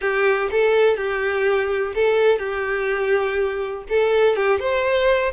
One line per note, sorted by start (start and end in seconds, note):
0.01 0.49 G4
0.51 0.97 A4
0.97 1.93 G4
1.94 2.38 A4
2.38 3.83 G4
3.89 4.36 A4
4.36 4.59 G4
4.59 5.32 C5